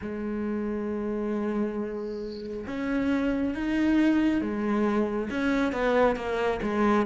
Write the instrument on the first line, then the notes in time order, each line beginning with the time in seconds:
cello
0.01 G#3
2.67 C#4
3.55 D#4
4.41 G#3
5.30 C#4
5.72 B3
6.16 A#3
6.62 G#3